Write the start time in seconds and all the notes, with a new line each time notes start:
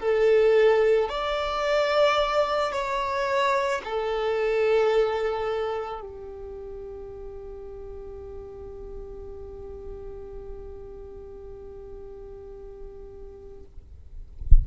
0.00 A4
1.09 D5
2.73 C#5
3.84 A4
6.01 G4